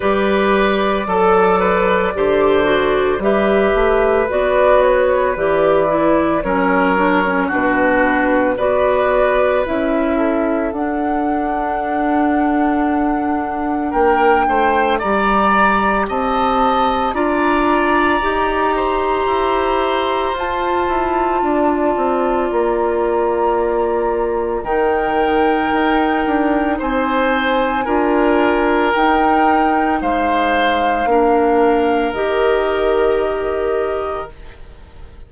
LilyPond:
<<
  \new Staff \with { instrumentName = "flute" } { \time 4/4 \tempo 4 = 56 d''2. e''4 | d''8 cis''8 d''4 cis''4 b'4 | d''4 e''4 fis''2~ | fis''4 g''4 ais''4 a''4 |
ais''2. a''4~ | a''4 ais''2 g''4~ | g''4 gis''2 g''4 | f''2 dis''2 | }
  \new Staff \with { instrumentName = "oboe" } { \time 4/4 b'4 a'8 b'8 c''4 b'4~ | b'2 ais'4 fis'4 | b'4. a'2~ a'8~ | a'4 ais'8 c''8 d''4 dis''4 |
d''4. c''2~ c''8 | d''2. ais'4~ | ais'4 c''4 ais'2 | c''4 ais'2. | }
  \new Staff \with { instrumentName = "clarinet" } { \time 4/4 g'4 a'4 g'8 fis'8 g'4 | fis'4 g'8 e'8 cis'8 d'16 cis'16 d'4 | fis'4 e'4 d'2~ | d'2 g'2 |
f'4 g'2 f'4~ | f'2. dis'4~ | dis'2 f'4 dis'4~ | dis'4 d'4 g'2 | }
  \new Staff \with { instrumentName = "bassoon" } { \time 4/4 g4 fis4 d4 g8 a8 | b4 e4 fis4 b,4 | b4 cis'4 d'2~ | d'4 ais8 a8 g4 c'4 |
d'4 dis'4 e'4 f'8 e'8 | d'8 c'8 ais2 dis4 | dis'8 d'8 c'4 d'4 dis'4 | gis4 ais4 dis2 | }
>>